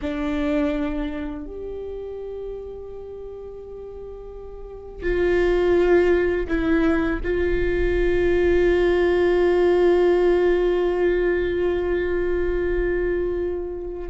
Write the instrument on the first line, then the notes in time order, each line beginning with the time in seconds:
viola
0.01 D4
1.46 G4
5.02 F4
6.47 E4
7.23 F4